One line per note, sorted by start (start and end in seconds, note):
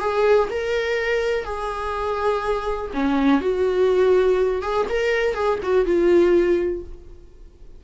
0.00 0.49 G#4
0.50 1.44 A#4
1.44 2.91 G#4
2.93 3.41 C#4
3.41 4.62 F#4
4.62 4.86 G#4
4.89 5.34 A#4
5.34 5.59 G#4
5.63 5.85 F#4
5.85 6.83 F4